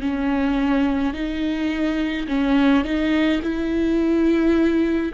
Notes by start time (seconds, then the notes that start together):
0.00 C#4
1.14 D#4
2.27 C#4
2.84 D#4
3.42 E4